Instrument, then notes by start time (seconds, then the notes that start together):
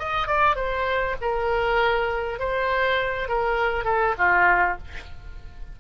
oboe
0.00 D#5
0.28 D5
0.56 C5
1.22 A#4
2.40 C5
3.29 A#4
3.85 A4
4.18 F4